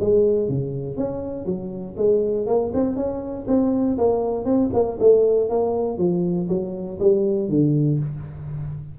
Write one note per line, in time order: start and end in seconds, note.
0.00 0.49 G#3
0.49 0.97 C#3
0.97 1.46 C#4
1.46 1.96 F#3
1.97 2.47 G#3
2.47 2.72 A#3
2.74 2.96 C4
2.96 3.46 C#4
3.47 3.97 C4
3.98 4.45 A#3
4.45 4.70 C4
4.74 4.99 A#3
5.00 5.50 A3
5.50 5.98 A#3
5.98 6.48 F3
6.49 6.99 F#3
7.00 7.49 G3
7.49 7.99 D3